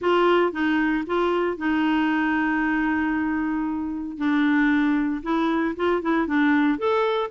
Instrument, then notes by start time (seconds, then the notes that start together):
clarinet
0.01 F4
0.52 D#4
1.06 F4
1.57 D#4
4.17 D4
5.22 E4
5.76 F4
6.02 E4
6.27 D4
6.78 A4